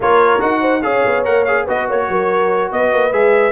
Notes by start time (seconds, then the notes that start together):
0.00 A#3 F4 A#4 C#5
0.39 D#4 F#4 F#5
0.60 C5
0.82 C#4 G#4 C#5 F5
1.05 B3
1.24 A#3 A#4 F#5
1.45 G#4 F5
1.64 B3 F#4 B4 D#5
1.87 A#3 C#5
2.09 F#3 A#4
2.71 B3 B4 D#5
2.92 A#3
3.12 G#3 G#4 E5